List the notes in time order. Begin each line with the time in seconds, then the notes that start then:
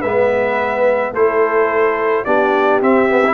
0.00 G#3 B3 B4 E5
1.13 A3 E4 A4 C5
2.25 B3 D4 G4 D5
2.82 C4 E5
3.09 B3
3.25 E4